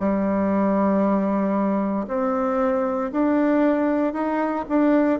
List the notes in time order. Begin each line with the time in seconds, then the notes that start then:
0.00 G3
2.08 C4
3.12 D4
4.13 D#4
4.69 D4